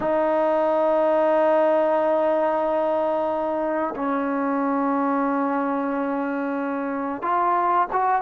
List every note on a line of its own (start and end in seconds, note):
0.00 3.94 D#4
3.95 7.21 C#4
7.21 7.87 F4
7.92 8.21 F#4